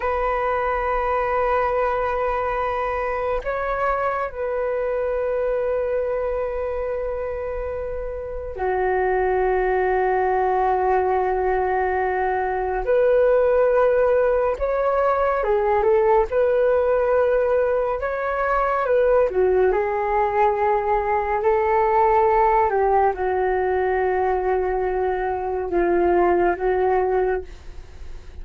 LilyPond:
\new Staff \with { instrumentName = "flute" } { \time 4/4 \tempo 4 = 70 b'1 | cis''4 b'2.~ | b'2 fis'2~ | fis'2. b'4~ |
b'4 cis''4 gis'8 a'8 b'4~ | b'4 cis''4 b'8 fis'8 gis'4~ | gis'4 a'4. g'8 fis'4~ | fis'2 f'4 fis'4 | }